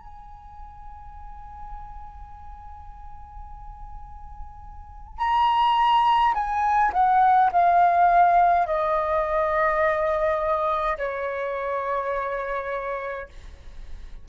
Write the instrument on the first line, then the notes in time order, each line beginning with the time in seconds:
flute
0.00 G#5
5.19 A#5
6.35 G#5
6.93 F#5
7.53 F5
8.67 D#5
10.98 C#5